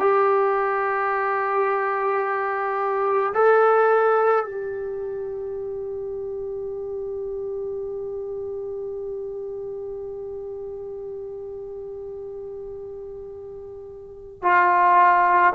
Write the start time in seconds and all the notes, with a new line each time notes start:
0.00 G4
3.34 A4
4.44 G4
14.42 F4